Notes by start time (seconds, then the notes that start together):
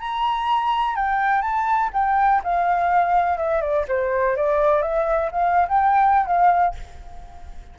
0.00 A#5
0.96 G5
1.42 A5
1.93 G5
2.44 F5
3.38 E5
3.62 D5
3.88 C5
4.37 D5
4.82 E5
5.32 F5
5.69 G5
6.26 F5